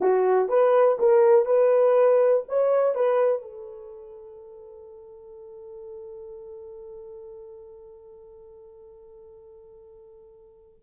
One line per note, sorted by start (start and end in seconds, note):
0.00 0.49 F#4
0.49 0.98 B4
0.99 1.45 A#4
1.45 2.44 B4
2.48 2.94 C#5
2.94 3.42 B4
3.42 10.80 A4